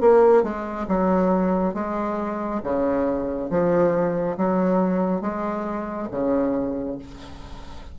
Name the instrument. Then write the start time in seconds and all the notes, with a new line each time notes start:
bassoon
0.00 A#3
0.43 G#3
0.88 F#3
1.74 G#3
2.63 C#3
3.50 F3
4.37 F#3
5.21 G#3
6.11 C#3